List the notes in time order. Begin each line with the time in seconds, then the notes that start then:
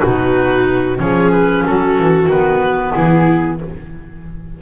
0.00 B2 D#4 F#4 B4
0.96 F3 C#4 G#4 C#5
1.32 B4
1.66 F#3 F#4 A4
1.99 E3
2.27 D#3 B3 B4
2.94 E3 E4 G#4